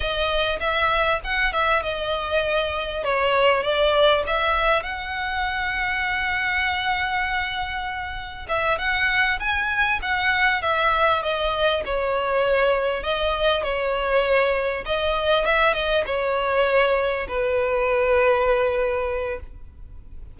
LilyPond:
\new Staff \with { instrumentName = "violin" } { \time 4/4 \tempo 4 = 99 dis''4 e''4 fis''8 e''8 dis''4~ | dis''4 cis''4 d''4 e''4 | fis''1~ | fis''2 e''8 fis''4 gis''8~ |
gis''8 fis''4 e''4 dis''4 cis''8~ | cis''4. dis''4 cis''4.~ | cis''8 dis''4 e''8 dis''8 cis''4.~ | cis''8 b'2.~ b'8 | }